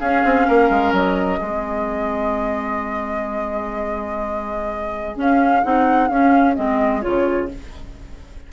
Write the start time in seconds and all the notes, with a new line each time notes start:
0.00 C#4 G#4 F5
0.24 C4
0.48 A#3 A#4
0.70 G#3
0.92 F#3 D#5
1.39 G#3 C4 G#4
5.16 C#4 F5
5.63 C4 D#4 F#5
6.08 C#4 F5
6.55 G#3 C4 D#5
7.01 C#3 F4 C#5